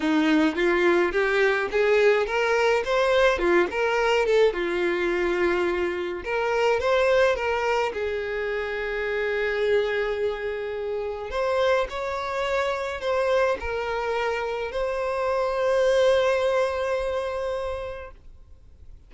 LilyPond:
\new Staff \with { instrumentName = "violin" } { \time 4/4 \tempo 4 = 106 dis'4 f'4 g'4 gis'4 | ais'4 c''4 f'8 ais'4 a'8 | f'2. ais'4 | c''4 ais'4 gis'2~ |
gis'1 | c''4 cis''2 c''4 | ais'2 c''2~ | c''1 | }